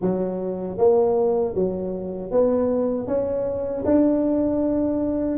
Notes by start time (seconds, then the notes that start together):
0.01 F#3
0.77 A#3
1.54 F#3
2.31 B3
3.07 C#4
3.85 D4